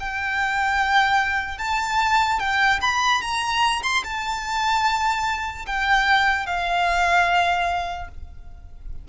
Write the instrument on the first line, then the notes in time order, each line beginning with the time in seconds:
violin
0.00 G5
1.58 A5
2.40 G5
2.82 B5
3.22 A#5
3.83 C6
4.04 A5
5.66 G5
6.46 F5